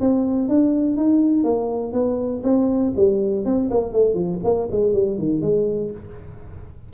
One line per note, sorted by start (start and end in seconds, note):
0.00 0.48 C4
0.48 0.96 D4
0.96 1.43 D#4
1.43 1.92 A#3
1.92 2.42 B3
2.43 2.93 C4
2.96 3.45 G3
3.45 3.70 C4
3.70 3.92 A#3
3.92 4.14 A3
4.14 4.39 F3
4.44 4.68 A#3
4.71 4.93 G#3
4.93 5.18 G3
5.18 5.41 D#3
5.41 5.91 G#3